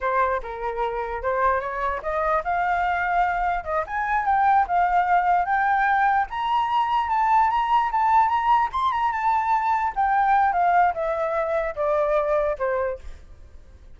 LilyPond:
\new Staff \with { instrumentName = "flute" } { \time 4/4 \tempo 4 = 148 c''4 ais'2 c''4 | cis''4 dis''4 f''2~ | f''4 dis''8 gis''4 g''4 f''8~ | f''4. g''2 ais''8~ |
ais''4. a''4 ais''4 a''8~ | a''8 ais''4 c'''8 ais''8 a''4.~ | a''8 g''4. f''4 e''4~ | e''4 d''2 c''4 | }